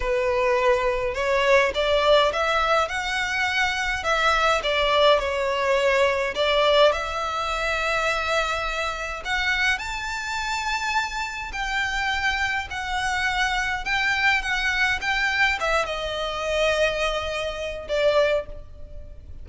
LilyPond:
\new Staff \with { instrumentName = "violin" } { \time 4/4 \tempo 4 = 104 b'2 cis''4 d''4 | e''4 fis''2 e''4 | d''4 cis''2 d''4 | e''1 |
fis''4 a''2. | g''2 fis''2 | g''4 fis''4 g''4 e''8 dis''8~ | dis''2. d''4 | }